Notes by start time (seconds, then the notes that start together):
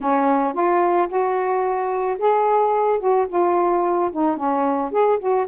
0.00 C#4
0.53 F4
1.08 F#4
2.18 G#4
2.99 F#4
3.29 F4
4.12 D#4
4.37 C#4
4.91 G#4
5.19 F#4